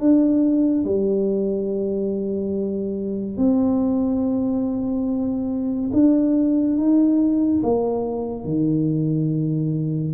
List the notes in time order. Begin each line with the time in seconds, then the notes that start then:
0.00 D4
0.85 G3
3.37 C4
5.93 D4
6.77 D#4
7.63 A#3
8.44 D#3